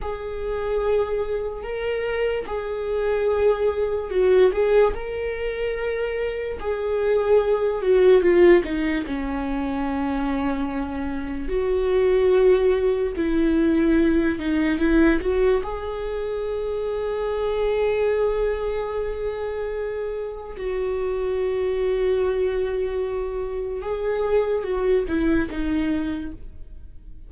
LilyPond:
\new Staff \with { instrumentName = "viola" } { \time 4/4 \tempo 4 = 73 gis'2 ais'4 gis'4~ | gis'4 fis'8 gis'8 ais'2 | gis'4. fis'8 f'8 dis'8 cis'4~ | cis'2 fis'2 |
e'4. dis'8 e'8 fis'8 gis'4~ | gis'1~ | gis'4 fis'2.~ | fis'4 gis'4 fis'8 e'8 dis'4 | }